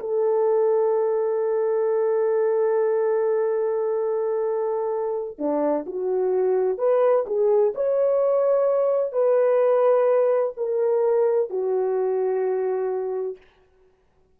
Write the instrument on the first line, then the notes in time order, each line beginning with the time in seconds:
horn
0.00 A4
5.39 D4
5.87 F#4
6.78 B4
7.27 G#4
7.75 C#5
9.13 B4
10.57 A#4
11.50 F#4